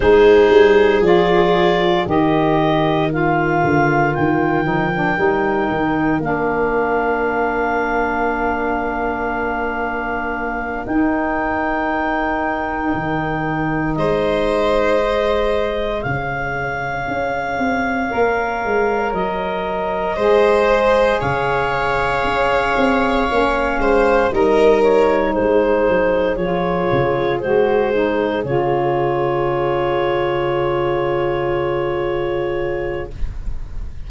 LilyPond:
<<
  \new Staff \with { instrumentName = "clarinet" } { \time 4/4 \tempo 4 = 58 c''4 d''4 dis''4 f''4 | g''2 f''2~ | f''2~ f''8 g''4.~ | g''4. dis''2 f''8~ |
f''2~ f''8 dis''4.~ | dis''8 f''2. dis''8 | cis''8 c''4 cis''4 c''4 cis''8~ | cis''1 | }
  \new Staff \with { instrumentName = "viola" } { \time 4/4 gis'2 ais'2~ | ais'1~ | ais'1~ | ais'4. c''2 cis''8~ |
cis''2.~ cis''8 c''8~ | c''8 cis''2~ cis''8 c''8 ais'8~ | ais'8 gis'2.~ gis'8~ | gis'1 | }
  \new Staff \with { instrumentName = "saxophone" } { \time 4/4 dis'4 f'4 g'4 f'4~ | f'8 dis'16 d'16 dis'4 d'2~ | d'2~ d'8 dis'4.~ | dis'2~ dis'8 gis'4.~ |
gis'4. ais'2 gis'8~ | gis'2~ gis'8 cis'4 dis'8~ | dis'4. f'4 fis'8 dis'8 f'8~ | f'1 | }
  \new Staff \with { instrumentName = "tuba" } { \time 4/4 gis8 g8 f4 dis4. d8 | dis8 f8 g8 dis8 ais2~ | ais2~ ais8 dis'4.~ | dis'8 dis4 gis2 cis8~ |
cis8 cis'8 c'8 ais8 gis8 fis4 gis8~ | gis8 cis4 cis'8 c'8 ais8 gis8 g8~ | g8 gis8 fis8 f8 cis8 gis4 cis8~ | cis1 | }
>>